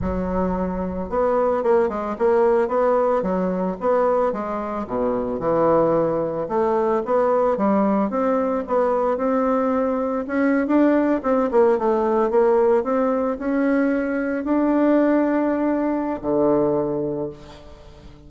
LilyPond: \new Staff \with { instrumentName = "bassoon" } { \time 4/4 \tempo 4 = 111 fis2 b4 ais8 gis8 | ais4 b4 fis4 b4 | gis4 b,4 e2 | a4 b4 g4 c'4 |
b4 c'2 cis'8. d'16~ | d'8. c'8 ais8 a4 ais4 c'16~ | c'8. cis'2 d'4~ d'16~ | d'2 d2 | }